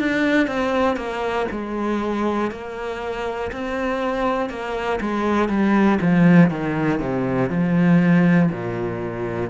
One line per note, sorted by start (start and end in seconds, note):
0.00 0.48 D4
0.48 0.97 C4
0.97 1.47 A#3
1.52 2.52 G#3
2.52 3.52 A#3
3.53 4.50 C4
4.50 5.00 A#3
5.01 5.50 G#3
5.50 6.00 G3
6.02 6.51 F3
6.51 7.00 D#3
7.00 7.50 C3
7.50 8.50 F3
8.51 9.50 A#2